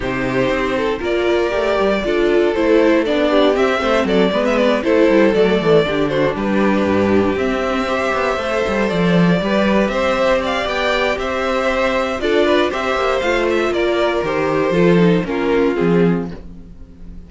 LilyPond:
<<
  \new Staff \with { instrumentName = "violin" } { \time 4/4 \tempo 4 = 118 c''2 d''2~ | d''4 c''4 d''4 e''4 | d''8. e''16 d''8 c''4 d''4. | c''8 b'2 e''4.~ |
e''4. d''2 e''8~ | e''8 f''8 g''4 e''2 | d''4 e''4 f''8 e''8 d''4 | c''2 ais'4 gis'4 | }
  \new Staff \with { instrumentName = "violin" } { \time 4/4 g'4. a'8 ais'2 | a'2~ a'8 g'4 c''8 | a'8 b'4 a'2 g'8 | fis'8 g'2. c''8~ |
c''2~ c''8 b'4 c''8~ | c''8 d''4. c''2 | a'8 b'8 c''2 ais'4~ | ais'4 a'4 f'2 | }
  \new Staff \with { instrumentName = "viola" } { \time 4/4 dis'2 f'4 g'4 | f'4 e'4 d'4 c'4~ | c'8 b4 e'4 a4 d'8~ | d'2~ d'8 c'4 g'8~ |
g'8 a'2 g'4.~ | g'1 | f'4 g'4 f'2 | g'4 f'8 dis'8 cis'4 c'4 | }
  \new Staff \with { instrumentName = "cello" } { \time 4/4 c4 c'4 ais4 a8 g8 | d'4 a4 b4 c'8 a8 | fis8 gis4 a8 g8 fis8 e8 d8~ | d8 g4 g,4 c'4. |
b8 a8 g8 f4 g4 c'8~ | c'4 b4 c'2 | d'4 c'8 ais8 a4 ais4 | dis4 f4 ais4 f4 | }
>>